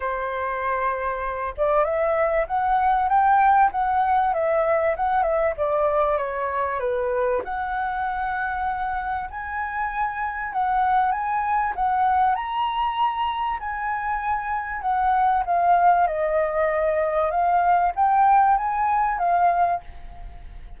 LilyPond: \new Staff \with { instrumentName = "flute" } { \time 4/4 \tempo 4 = 97 c''2~ c''8 d''8 e''4 | fis''4 g''4 fis''4 e''4 | fis''8 e''8 d''4 cis''4 b'4 | fis''2. gis''4~ |
gis''4 fis''4 gis''4 fis''4 | ais''2 gis''2 | fis''4 f''4 dis''2 | f''4 g''4 gis''4 f''4 | }